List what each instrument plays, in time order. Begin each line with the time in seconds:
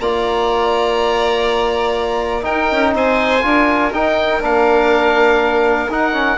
0.00 bassoon A#3, trombone F4, violin D5, oboe A#5
2.42 trombone D#4, violin A#4, oboe G5
2.50 bassoon D#4
2.71 bassoon C#4
2.94 bassoon C4, violin C5, oboe G#5
3.42 bassoon D4, trombone F4, violin A#4
3.93 trombone D#4, bassoon D#4, oboe G5
4.41 bassoon A#3, trombone D4, oboe F5
5.89 bassoon D#4, trombone D#4, oboe F#5
6.13 trombone C#4